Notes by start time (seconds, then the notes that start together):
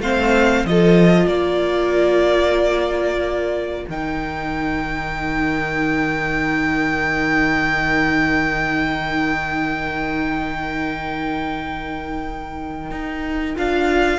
0.00 A3 C4 C5 F5
0.65 F3 F4 A4 D#5
1.27 A#3 A#4 D5
3.89 D#3 D#4 G5
12.91 D#4
13.56 D4 F4 F5